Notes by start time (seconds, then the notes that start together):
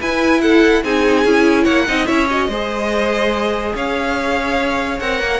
0.00 E4 B4 G#5
0.41 A4 F#5
0.83 C4 D#4 G#4 G#5
1.24 C#4 E4
1.64 A#3 C#5 F#5
1.86 C4 D#4 D#5
2.06 C#4 E4 C#5 E5
2.29 F#4 D#5
2.48 G#3 G#4 C5
3.75 C#4 C#5 F5
5.00 C4 A#4 F#5
5.21 A#3